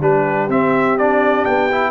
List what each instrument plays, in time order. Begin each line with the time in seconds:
0.00 tuba G3, trombone D4, horn G4, trumpet B4
0.48 tuba C4, trombone C4, trumpet E5
0.97 trombone D4, trumpet D5
1.45 tuba B3, trumpet G5
1.71 trombone E4